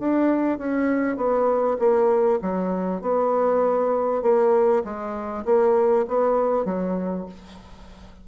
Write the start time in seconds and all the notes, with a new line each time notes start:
0.00 D4
0.59 C#4
1.17 B3
1.79 A#3
2.42 F#3
3.02 B3
4.23 A#3
4.85 G#3
5.45 A#3
6.08 B3
6.66 F#3